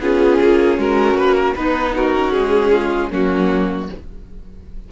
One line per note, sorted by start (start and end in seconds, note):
0.00 0.39 B3
0.00 1.58 C#4
0.00 0.78 F4
0.00 0.80 G#4
0.41 0.78 A#3
0.78 1.15 G#3
0.78 1.56 F#4
0.78 1.18 A#4
1.15 1.54 A#3
1.15 1.35 B4
1.35 1.54 A#4
1.56 2.16 B3
1.56 2.35 D#4
1.56 1.97 D#4
1.56 1.95 B4
1.97 2.72 F#4
1.97 2.32 A#4
2.16 3.11 C#4
2.32 3.12 G#3
2.32 3.10 G#4
2.72 3.11 F4
3.11 3.89 F#3
3.11 3.90 A#3
3.11 3.89 C#4
3.11 3.92 F#4